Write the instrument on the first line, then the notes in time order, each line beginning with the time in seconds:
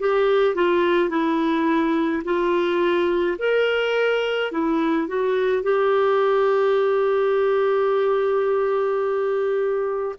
clarinet
0.00 G4
0.56 F4
1.10 E4
2.25 F4
3.39 A#4
4.52 E4
5.08 F#4
5.63 G4